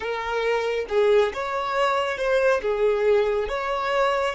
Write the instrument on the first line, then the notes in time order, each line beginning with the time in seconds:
violin
0.00 A#4
0.89 G#4
1.33 C#5
2.17 C5
2.61 G#4
3.48 C#5